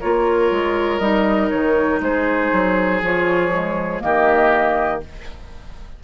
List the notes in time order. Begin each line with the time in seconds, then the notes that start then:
0.00 A#3 F4 A#4 C#5
0.51 G#3
0.99 G3 D#4 D#5
1.50 D#3 C#5
2.00 G#3 G#4 C5
2.52 F#3
3.01 F3 F4 C#5
3.52 G#3
4.00 D#3 A#3 G4 D#5